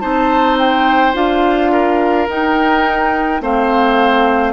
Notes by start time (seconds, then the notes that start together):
0.00 C4 D#4 C5 A5
0.58 G5
1.13 D4 F4 F5
1.72 A#4
2.29 D#4 G5
3.41 A3 C4 C5 F5